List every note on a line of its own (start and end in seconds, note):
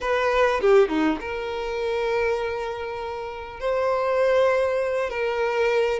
0.00 0.60 B4
0.60 0.88 G4
0.88 1.18 D#4
1.20 3.59 A#4
3.59 5.09 C5
5.09 5.99 A#4